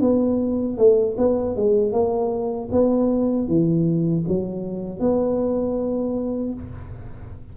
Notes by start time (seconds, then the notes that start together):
0.00 B3
0.77 A3
1.17 B3
1.56 G#3
1.92 A#3
2.71 B3
3.47 E3
4.28 F#3
4.99 B3